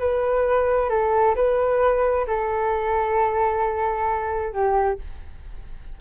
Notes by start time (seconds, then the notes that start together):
0.00 B4
0.90 A4
1.36 B4
2.27 A4
4.53 G4